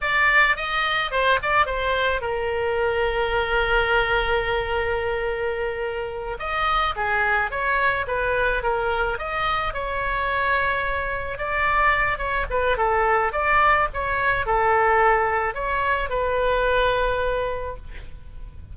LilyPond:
\new Staff \with { instrumentName = "oboe" } { \time 4/4 \tempo 4 = 108 d''4 dis''4 c''8 d''8 c''4 | ais'1~ | ais'2.~ ais'8 dis''8~ | dis''8 gis'4 cis''4 b'4 ais'8~ |
ais'8 dis''4 cis''2~ cis''8~ | cis''8 d''4. cis''8 b'8 a'4 | d''4 cis''4 a'2 | cis''4 b'2. | }